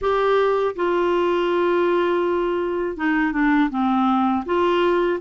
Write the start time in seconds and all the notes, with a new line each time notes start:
0.01 G4
0.75 F4
2.96 D#4
3.32 D4
3.69 C4
4.45 F4